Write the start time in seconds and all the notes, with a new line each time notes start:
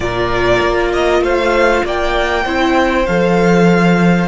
0.00 A#2 F4 A#4 D5
0.61 A#3
0.92 D#5
1.21 A3 C5 F5
1.84 A#3 D5 G5
2.44 C4 E4 C5
3.06 F3 A4 F5